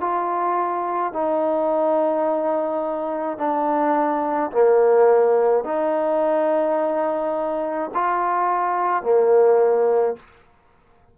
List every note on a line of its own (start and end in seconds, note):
0.00 1.13 F4
1.13 3.38 D#4
3.38 4.51 D4
4.51 5.64 A#3
5.64 7.90 D#4
7.94 9.03 F4
9.03 10.16 A#3